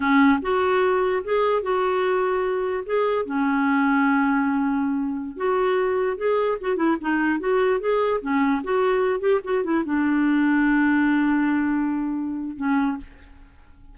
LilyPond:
\new Staff \with { instrumentName = "clarinet" } { \time 4/4 \tempo 4 = 148 cis'4 fis'2 gis'4 | fis'2. gis'4 | cis'1~ | cis'4~ cis'16 fis'2 gis'8.~ |
gis'16 fis'8 e'8 dis'4 fis'4 gis'8.~ | gis'16 cis'4 fis'4. g'8 fis'8 e'16~ | e'16 d'2.~ d'8.~ | d'2. cis'4 | }